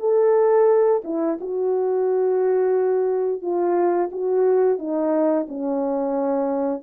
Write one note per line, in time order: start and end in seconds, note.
0.00 1.02 A4
1.04 1.39 E4
1.41 3.42 F#4
3.42 4.10 F4
4.12 4.79 F#4
4.79 5.47 D#4
5.49 6.83 C#4